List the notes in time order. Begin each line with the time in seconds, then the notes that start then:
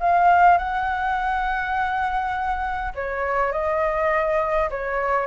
0.00 F5
0.58 F#5
2.95 C#5
3.52 D#5
4.71 C#5